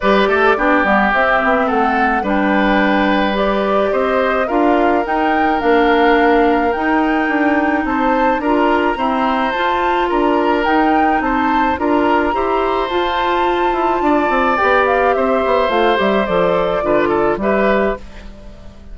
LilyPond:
<<
  \new Staff \with { instrumentName = "flute" } { \time 4/4 \tempo 4 = 107 d''2 e''4 fis''4 | g''2 d''4 dis''4 | f''4 g''4 f''2 | g''2 a''4 ais''4~ |
ais''4 a''4 ais''4 g''4 | a''4 ais''2 a''4~ | a''2 g''8 f''8 e''4 | f''8 e''8 d''2 e''4 | }
  \new Staff \with { instrumentName = "oboe" } { \time 4/4 b'8 a'8 g'2 a'4 | b'2. c''4 | ais'1~ | ais'2 c''4 ais'4 |
c''2 ais'2 | c''4 ais'4 c''2~ | c''4 d''2 c''4~ | c''2 b'8 a'8 b'4 | }
  \new Staff \with { instrumentName = "clarinet" } { \time 4/4 g'4 d'8 b8 c'2 | d'2 g'2 | f'4 dis'4 d'2 | dis'2. f'4 |
c'4 f'2 dis'4~ | dis'4 f'4 g'4 f'4~ | f'2 g'2 | f'8 g'8 a'4 f'4 g'4 | }
  \new Staff \with { instrumentName = "bassoon" } { \time 4/4 g8 a8 b8 g8 c'8 b8 a4 | g2. c'4 | d'4 dis'4 ais2 | dis'4 d'4 c'4 d'4 |
e'4 f'4 d'4 dis'4 | c'4 d'4 e'4 f'4~ | f'8 e'8 d'8 c'8 b4 c'8 b8 | a8 g8 f4 d4 g4 | }
>>